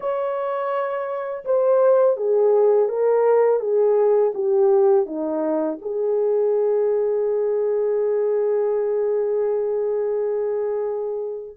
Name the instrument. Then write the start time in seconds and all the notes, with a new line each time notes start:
horn
0.00 C#5
1.44 C5
2.17 G#4
2.88 A#4
3.59 G#4
4.34 G4
5.05 D#4
5.81 G#4